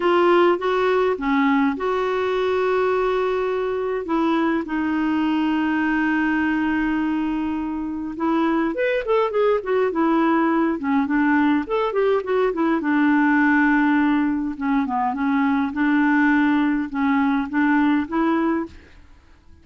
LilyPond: \new Staff \with { instrumentName = "clarinet" } { \time 4/4 \tempo 4 = 103 f'4 fis'4 cis'4 fis'4~ | fis'2. e'4 | dis'1~ | dis'2 e'4 b'8 a'8 |
gis'8 fis'8 e'4. cis'8 d'4 | a'8 g'8 fis'8 e'8 d'2~ | d'4 cis'8 b8 cis'4 d'4~ | d'4 cis'4 d'4 e'4 | }